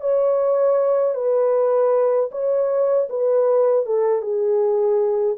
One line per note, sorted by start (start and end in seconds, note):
0.00 1.14 C#5
1.14 2.30 B4
2.31 3.08 C#5
3.09 3.86 B4
3.86 4.21 A4
4.21 5.37 G#4